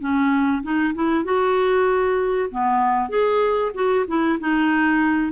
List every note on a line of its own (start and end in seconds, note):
0.00 0.62 C#4
0.63 0.94 D#4
0.94 1.24 E4
1.24 2.49 F#4
2.51 3.09 B3
3.09 3.72 G#4
3.74 4.05 F#4
4.07 4.39 E4
4.39 5.32 D#4